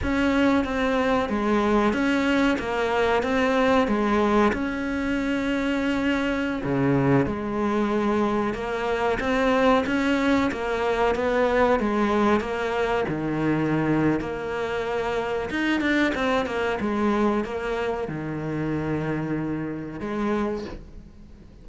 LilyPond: \new Staff \with { instrumentName = "cello" } { \time 4/4 \tempo 4 = 93 cis'4 c'4 gis4 cis'4 | ais4 c'4 gis4 cis'4~ | cis'2~ cis'16 cis4 gis8.~ | gis4~ gis16 ais4 c'4 cis'8.~ |
cis'16 ais4 b4 gis4 ais8.~ | ais16 dis4.~ dis16 ais2 | dis'8 d'8 c'8 ais8 gis4 ais4 | dis2. gis4 | }